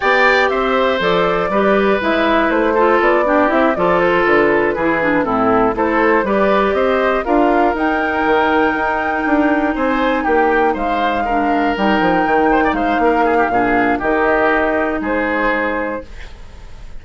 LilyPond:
<<
  \new Staff \with { instrumentName = "flute" } { \time 4/4 \tempo 4 = 120 g''4 e''4 d''2 | e''4 c''4 d''4 e''8 d''8 | c''8 b'2 a'4 c''8~ | c''8 d''4 dis''4 f''4 g''8~ |
g''2.~ g''8 gis''8~ | gis''8 g''4 f''2 g''8~ | g''4. f''2~ f''8 | dis''2 c''2 | }
  \new Staff \with { instrumentName = "oboe" } { \time 4/4 d''4 c''2 b'4~ | b'4. a'4 g'4 a'8~ | a'4. gis'4 e'4 a'8~ | a'8 b'4 c''4 ais'4.~ |
ais'2.~ ais'8 c''8~ | c''8 g'4 c''4 ais'4.~ | ais'4 c''16 d''16 c''8 ais'8 gis'16 g'16 gis'4 | g'2 gis'2 | }
  \new Staff \with { instrumentName = "clarinet" } { \time 4/4 g'2 a'4 g'4 | e'4. f'4 d'8 e'8 f'8~ | f'4. e'8 d'8 c'4 e'8~ | e'8 g'2 f'4 dis'8~ |
dis'1~ | dis'2~ dis'8 d'4 dis'8~ | dis'2. d'4 | dis'1 | }
  \new Staff \with { instrumentName = "bassoon" } { \time 4/4 b4 c'4 f4 g4 | gis4 a4 b4 c'8 f8~ | f8 d4 e4 a,4 a8~ | a8 g4 c'4 d'4 dis'8~ |
dis'8 dis4 dis'4 d'4 c'8~ | c'8 ais4 gis2 g8 | f8 dis4 gis8 ais4 ais,4 | dis2 gis2 | }
>>